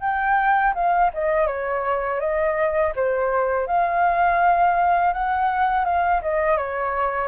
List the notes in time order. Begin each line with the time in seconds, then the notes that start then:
0.00 G5
0.74 F5
1.13 D#5
1.47 C#5
2.20 D#5
2.95 C5
3.67 F5
5.13 F#5
5.84 F5
6.22 D#5
6.57 C#5